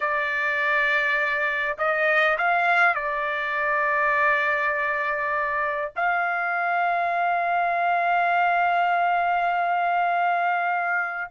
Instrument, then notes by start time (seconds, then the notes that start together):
trumpet
0.00 D5
1.78 D#5
2.38 F5
2.94 D5
5.95 F5